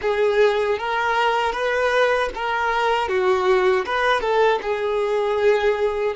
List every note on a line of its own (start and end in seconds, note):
0.01 0.78 G#4
0.78 1.52 A#4
1.52 2.29 B4
2.35 3.08 A#4
3.08 3.85 F#4
3.85 4.20 B4
4.20 4.59 A4
4.62 6.15 G#4